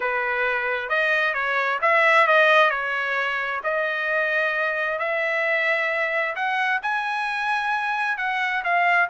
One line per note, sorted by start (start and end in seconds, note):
0.00 0.89 B4
0.89 1.33 D#5
1.33 1.79 C#5
1.81 2.27 E5
2.27 2.70 D#5
2.70 3.61 C#5
3.63 4.98 D#5
4.98 6.35 E5
6.35 6.81 F#5
6.82 8.17 G#5
8.17 8.63 F#5
8.64 9.09 F5